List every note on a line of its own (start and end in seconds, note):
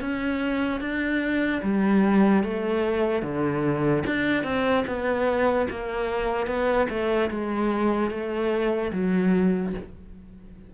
0.00 0.80 C#4
0.80 1.61 D4
1.62 2.43 G3
2.43 3.22 A3
3.22 4.03 D3
4.06 4.43 D4
4.43 4.84 C4
4.86 5.67 B3
5.69 6.46 A#3
6.46 6.87 B3
6.89 7.30 A3
7.30 8.10 G#3
8.10 8.91 A3
8.92 9.73 F#3